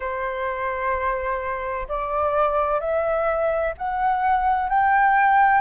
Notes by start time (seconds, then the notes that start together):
0.00 C5
1.88 D5
2.80 E5
3.78 F#5
4.69 G5